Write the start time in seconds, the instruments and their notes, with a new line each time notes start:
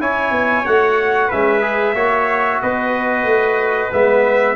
0.00 tuba C#4, trombone E4, trumpet C#5 G#5
0.31 tuba B3
0.66 tuba A3, trombone F#4, trumpet F#5
1.28 tuba G#3, trombone C#4, trumpet B4 E5
1.61 trombone G#4
1.94 tuba A#3, trombone F#4, trumpet C#5
2.61 tuba B3, trumpet B4 D#5
3.23 tuba A3
3.92 tuba G#3, trombone B3, trumpet E5